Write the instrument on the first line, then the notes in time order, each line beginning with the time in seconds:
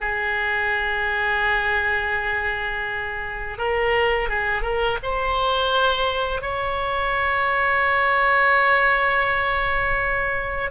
oboe
0.00 G#4
3.57 A#4
4.29 G#4
4.62 A#4
5.02 C5
6.41 C#5